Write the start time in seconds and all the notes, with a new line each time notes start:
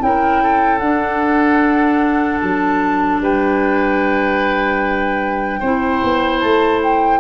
0.00 C#4 E4 A#4 G5
0.43 A4
0.79 D4 F#5
2.41 F#3 A5
3.21 G3 B4 G5
5.60 C4 E4 C5
6.04 B3
6.40 A3 A5
6.83 G5